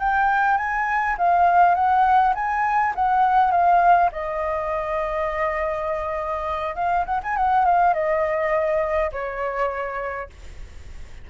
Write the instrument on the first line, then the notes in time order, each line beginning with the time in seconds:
flute
0.00 G5
0.57 G#5
1.18 F5
1.75 F#5
2.35 G#5
2.96 F#5
3.52 F5
4.12 D#5
6.76 F5
7.06 F#5
7.24 G#5
7.37 F#5
7.66 F5
7.94 D#5
9.12 C#5